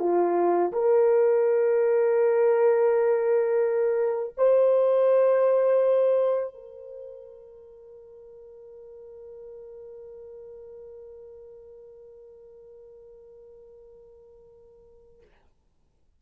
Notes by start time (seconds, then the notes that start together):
0.00 F4
0.73 A#4
4.37 C5
6.55 A#4